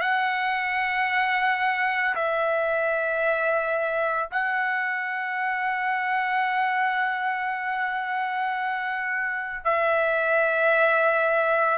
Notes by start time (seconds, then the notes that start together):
0.00 F#5
2.15 E5
4.31 F#5
9.64 E5